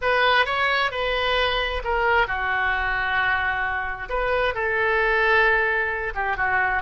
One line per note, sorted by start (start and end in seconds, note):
0.01 0.45 B4
0.45 0.91 C#5
0.91 1.82 B4
1.84 2.27 A#4
2.27 4.08 F#4
4.09 4.54 B4
4.54 6.13 A4
6.14 6.36 G4
6.36 6.82 F#4